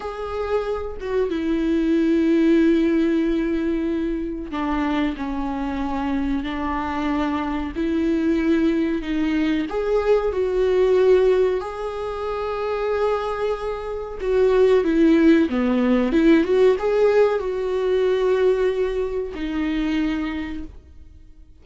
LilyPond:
\new Staff \with { instrumentName = "viola" } { \time 4/4 \tempo 4 = 93 gis'4. fis'8 e'2~ | e'2. d'4 | cis'2 d'2 | e'2 dis'4 gis'4 |
fis'2 gis'2~ | gis'2 fis'4 e'4 | b4 e'8 fis'8 gis'4 fis'4~ | fis'2 dis'2 | }